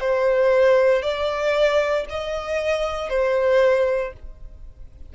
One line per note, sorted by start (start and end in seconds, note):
0.00 1.02 C5
1.02 2.05 D5
2.09 3.09 D#5
3.09 4.13 C5